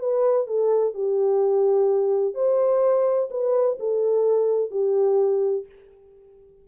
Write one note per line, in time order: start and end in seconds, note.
0.00 0.47 B4
0.47 0.94 A4
0.94 2.35 G4
2.35 3.29 C5
3.31 3.78 B4
3.80 4.71 A4
4.71 5.66 G4